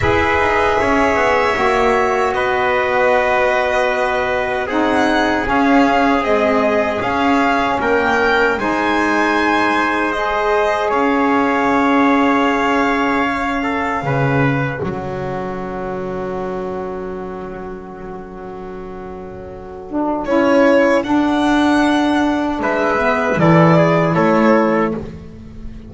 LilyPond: <<
  \new Staff \with { instrumentName = "violin" } { \time 4/4 \tempo 4 = 77 e''2. dis''4~ | dis''2 fis''4 f''4 | dis''4 f''4 g''4 gis''4~ | gis''4 dis''4 f''2~ |
f''2. fis''4~ | fis''1~ | fis''2 cis''4 fis''4~ | fis''4 e''4 d''4 cis''4 | }
  \new Staff \with { instrumentName = "trumpet" } { \time 4/4 b'4 cis''2 b'4~ | b'2 gis'2~ | gis'2 ais'4 c''4~ | c''2 cis''2~ |
cis''4. a'8 b'4 a'4~ | a'1~ | a'1~ | a'4 b'4 a'8 gis'8 a'4 | }
  \new Staff \with { instrumentName = "saxophone" } { \time 4/4 gis'2 fis'2~ | fis'2 dis'4 cis'4 | gis4 cis'2 dis'4~ | dis'4 gis'2.~ |
gis'4 cis'2.~ | cis'1~ | cis'4. d'8 e'4 d'4~ | d'4. b8 e'2 | }
  \new Staff \with { instrumentName = "double bass" } { \time 4/4 e'8 dis'8 cis'8 b8 ais4 b4~ | b2 c'4 cis'4 | c'4 cis'4 ais4 gis4~ | gis2 cis'2~ |
cis'2 cis4 fis4~ | fis1~ | fis2 cis'4 d'4~ | d'4 gis4 e4 a4 | }
>>